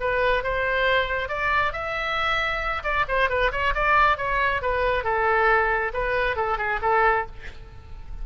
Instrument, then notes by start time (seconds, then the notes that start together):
oboe
0.00 B4
0.43 C5
1.28 D5
1.72 E5
2.83 D5
3.08 C5
3.29 B4
3.51 C#5
3.74 D5
4.17 C#5
4.61 B4
5.03 A4
5.93 B4
6.36 A4
6.57 G#4
6.82 A4